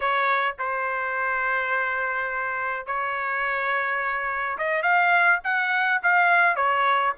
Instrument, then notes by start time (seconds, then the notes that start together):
trumpet
0.00 C#5
0.58 C5
2.86 C#5
4.58 D#5
4.82 F5
5.44 F#5
6.03 F5
6.56 C#5